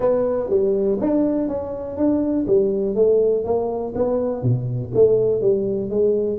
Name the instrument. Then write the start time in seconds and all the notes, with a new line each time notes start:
tuba
0.00 B3
0.49 G3
1.00 D4
1.48 C#4
1.97 D4
2.47 G3
2.95 A3
3.44 A#3
3.95 B3
4.42 B2
4.94 A3
5.41 G3
5.90 G#3